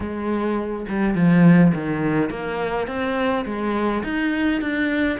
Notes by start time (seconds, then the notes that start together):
0.00 G#3
0.88 G3
1.15 F3
1.74 D#3
2.29 A#3
2.87 C4
3.45 G#3
4.03 D#4
4.61 D4